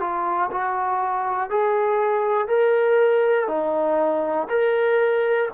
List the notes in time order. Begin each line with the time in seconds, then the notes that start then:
0.00 F4
0.51 F#4
1.50 G#4
2.48 A#4
3.47 D#4
4.49 A#4